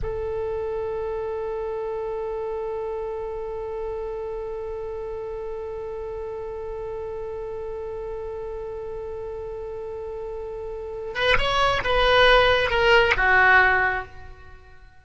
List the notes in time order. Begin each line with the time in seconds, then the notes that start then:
0.02 A4
11.14 B4
11.38 C#5
11.83 B4
12.70 A#4
13.16 F#4